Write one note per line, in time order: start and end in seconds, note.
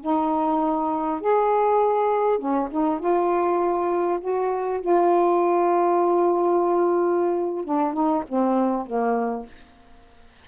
0.00 1.20 D#4
1.20 2.38 G#4
2.38 2.68 C#4
2.71 2.99 D#4
2.99 4.19 F4
4.20 4.80 F#4
4.80 7.64 F4
7.64 7.93 D4
7.93 8.23 D#4
8.28 8.86 C4
8.86 9.46 A#3